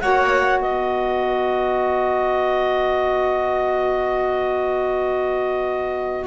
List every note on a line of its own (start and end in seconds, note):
0.00 0.61 A#3
0.00 6.27 F#4
0.00 0.61 C#5
0.00 0.60 F#5
0.60 6.27 B3
0.60 6.27 B4
0.60 6.27 D#5